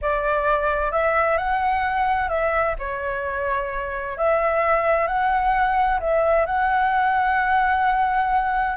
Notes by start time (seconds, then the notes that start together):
0.01 D5
0.91 E5
1.37 F#5
2.28 E5
2.79 C#5
4.17 E5
5.07 F#5
6.00 E5
6.46 F#5